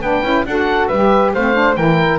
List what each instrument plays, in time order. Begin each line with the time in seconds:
0.00 double bass B3, saxophone D4, flute B4, oboe G5
0.23 double bass C#4, saxophone E4
0.46 double bass D4, saxophone F#4, flute A4, oboe F#5
0.88 double bass G3, saxophone G4, flute B4, oboe E5
1.34 double bass A3, saxophone C4, flute C5, oboe F5
1.54 saxophone D4
1.76 double bass E3, saxophone E4, flute A#4, oboe G5